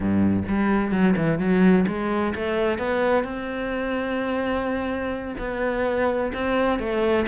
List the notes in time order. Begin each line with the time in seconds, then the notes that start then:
0.00 G2
0.48 G3
0.91 F#3
1.16 E3
1.38 F#3
1.87 G#3
2.34 A3
2.78 B3
3.23 C4
5.38 B3
6.33 C4
6.79 A3